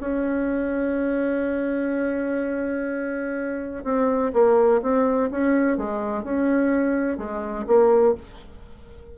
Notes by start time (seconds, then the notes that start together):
0.00 C#4
3.84 C4
4.33 A#3
4.81 C4
5.30 C#4
5.77 G#3
6.23 C#4
7.17 G#3
7.67 A#3